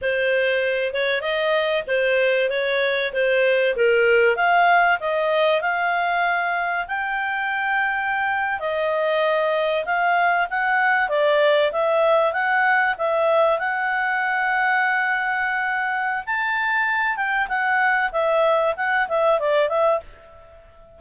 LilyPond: \new Staff \with { instrumentName = "clarinet" } { \time 4/4 \tempo 4 = 96 c''4. cis''8 dis''4 c''4 | cis''4 c''4 ais'4 f''4 | dis''4 f''2 g''4~ | g''4.~ g''16 dis''2 f''16~ |
f''8. fis''4 d''4 e''4 fis''16~ | fis''8. e''4 fis''2~ fis''16~ | fis''2 a''4. g''8 | fis''4 e''4 fis''8 e''8 d''8 e''8 | }